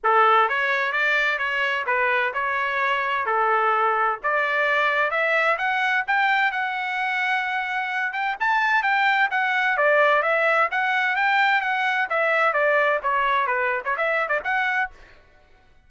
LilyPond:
\new Staff \with { instrumentName = "trumpet" } { \time 4/4 \tempo 4 = 129 a'4 cis''4 d''4 cis''4 | b'4 cis''2 a'4~ | a'4 d''2 e''4 | fis''4 g''4 fis''2~ |
fis''4. g''8 a''4 g''4 | fis''4 d''4 e''4 fis''4 | g''4 fis''4 e''4 d''4 | cis''4 b'8. cis''16 e''8. d''16 fis''4 | }